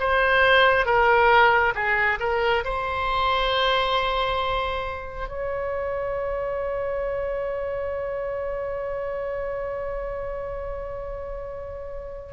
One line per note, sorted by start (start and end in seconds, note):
0.00 0.86 C5
0.86 1.74 A#4
1.75 2.19 G#4
2.20 2.64 A#4
2.65 5.29 C5
5.29 12.33 C#5